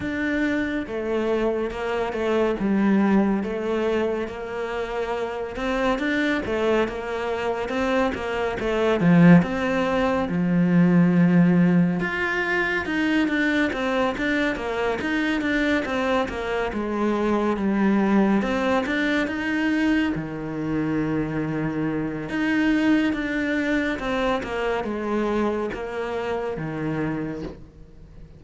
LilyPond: \new Staff \with { instrumentName = "cello" } { \time 4/4 \tempo 4 = 70 d'4 a4 ais8 a8 g4 | a4 ais4. c'8 d'8 a8 | ais4 c'8 ais8 a8 f8 c'4 | f2 f'4 dis'8 d'8 |
c'8 d'8 ais8 dis'8 d'8 c'8 ais8 gis8~ | gis8 g4 c'8 d'8 dis'4 dis8~ | dis2 dis'4 d'4 | c'8 ais8 gis4 ais4 dis4 | }